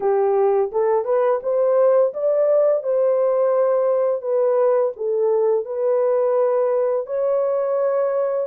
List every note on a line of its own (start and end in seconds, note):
0.00 0.71 G4
0.72 1.04 A4
1.04 1.40 B4
1.42 2.13 C5
2.13 2.83 D5
2.83 4.21 C5
4.21 4.92 B4
4.96 5.65 A4
5.65 7.06 B4
7.06 8.47 C#5